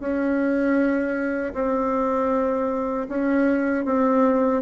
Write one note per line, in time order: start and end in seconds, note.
0.00 1.54 C#4
1.54 3.08 C4
3.09 3.85 C#4
3.85 4.62 C4